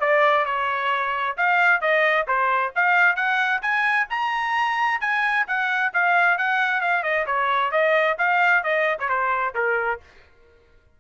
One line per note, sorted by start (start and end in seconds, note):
0.00 0.45 D5
0.46 1.37 C#5
1.37 1.81 F5
1.81 2.26 D#5
2.28 2.73 C5
2.75 3.16 F5
3.16 3.61 F#5
3.62 4.07 G#5
4.10 5.01 A#5
5.01 5.46 G#5
5.47 5.93 F#5
5.94 6.38 F5
6.38 6.81 F#5
6.81 7.03 F5
7.03 7.26 D#5
7.26 7.71 C#5
7.71 8.17 D#5
8.18 8.63 F5
8.63 8.98 D#5
8.99 9.09 C#5
9.09 9.54 C5
9.55 10.00 A#4